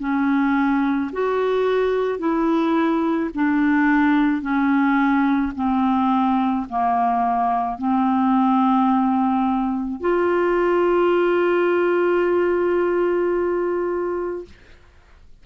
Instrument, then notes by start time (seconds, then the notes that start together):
clarinet
0.00 C#4
1.13 F#4
2.19 E4
3.35 D4
4.42 C#4
5.56 C4
6.70 A#3
7.78 C4
10.01 F4